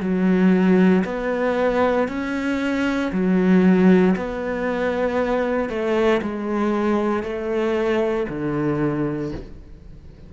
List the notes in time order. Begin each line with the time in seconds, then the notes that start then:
0.00 F#3
1.04 B3
2.08 C#4
3.12 F#3
4.16 B3
5.69 A3
6.21 G#3
7.23 A3
8.29 D3